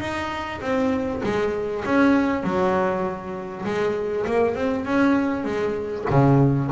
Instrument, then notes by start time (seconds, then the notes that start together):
double bass
0.00 D#4
0.61 C4
1.23 G#3
1.85 C#4
2.44 F#3
3.65 G#3
4.26 A#3
4.55 C4
4.85 C#4
5.44 G#3
6.10 C#3